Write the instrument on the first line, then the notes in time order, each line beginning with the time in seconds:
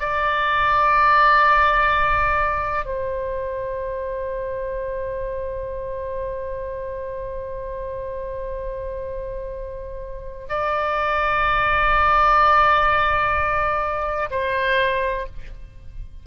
oboe
0.00 D5
2.86 C5
10.49 D5
14.31 C5